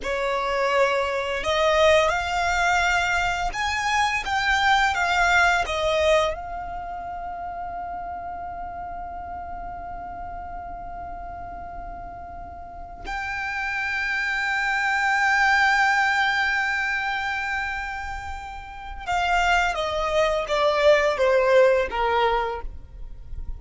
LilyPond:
\new Staff \with { instrumentName = "violin" } { \time 4/4 \tempo 4 = 85 cis''2 dis''4 f''4~ | f''4 gis''4 g''4 f''4 | dis''4 f''2.~ | f''1~ |
f''2~ f''8 g''4.~ | g''1~ | g''2. f''4 | dis''4 d''4 c''4 ais'4 | }